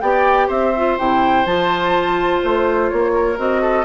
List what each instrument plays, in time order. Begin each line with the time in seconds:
0.00 bassoon B3, clarinet G4, oboe D5, flute G5
0.47 bassoon C4, oboe C5, flute E5
0.76 clarinet F4
0.98 bassoon C3, clarinet E4, flute G5
1.45 bassoon F3, clarinet F4, flute A5
2.42 bassoon A3, flute C5
2.89 bassoon A#3, flute C#5
3.14 oboe A#4
3.36 bassoon C4, clarinet F#4, flute D#5
3.61 oboe A4